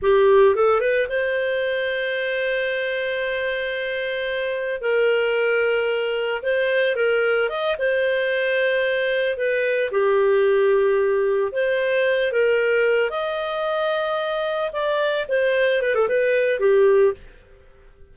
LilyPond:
\new Staff \with { instrumentName = "clarinet" } { \time 4/4 \tempo 4 = 112 g'4 a'8 b'8 c''2~ | c''1~ | c''4 ais'2. | c''4 ais'4 dis''8 c''4.~ |
c''4. b'4 g'4.~ | g'4. c''4. ais'4~ | ais'8 dis''2. d''8~ | d''8 c''4 b'16 a'16 b'4 g'4 | }